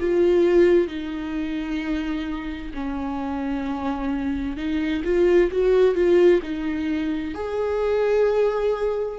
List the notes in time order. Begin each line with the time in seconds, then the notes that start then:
0.00 F4
0.88 D#4
2.74 C#4
4.57 D#4
5.04 F4
5.51 F#4
5.95 F4
6.43 D#4
7.34 G#4